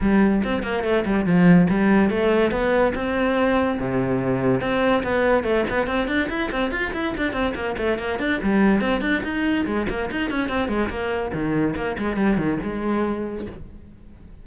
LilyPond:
\new Staff \with { instrumentName = "cello" } { \time 4/4 \tempo 4 = 143 g4 c'8 ais8 a8 g8 f4 | g4 a4 b4 c'4~ | c'4 c2 c'4 | b4 a8 b8 c'8 d'8 e'8 c'8 |
f'8 e'8 d'8 c'8 ais8 a8 ais8 d'8 | g4 c'8 d'8 dis'4 gis8 ais8 | dis'8 cis'8 c'8 gis8 ais4 dis4 | ais8 gis8 g8 dis8 gis2 | }